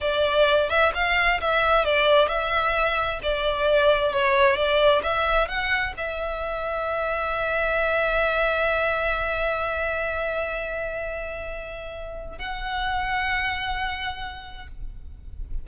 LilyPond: \new Staff \with { instrumentName = "violin" } { \time 4/4 \tempo 4 = 131 d''4. e''8 f''4 e''4 | d''4 e''2 d''4~ | d''4 cis''4 d''4 e''4 | fis''4 e''2.~ |
e''1~ | e''1~ | e''2. fis''4~ | fis''1 | }